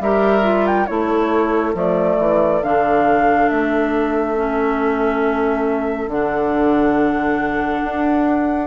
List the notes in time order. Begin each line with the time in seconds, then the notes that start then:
0.00 G3 G4 A#4 E5
0.42 F4
0.66 G5
0.86 A3 E4 A4 C#5
1.74 F3 A3 D5
2.18 E3
2.62 D3 D4 F5
3.49 A3 E5
4.36 C#4
6.07 D3 D4 F#5
7.83 D4